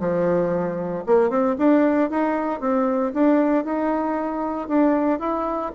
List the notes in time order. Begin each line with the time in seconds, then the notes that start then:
0.00 F3
1.06 A#3
1.30 C4
1.58 D4
2.11 D#4
2.61 C4
3.14 D4
3.65 D#4
4.69 D4
5.20 E4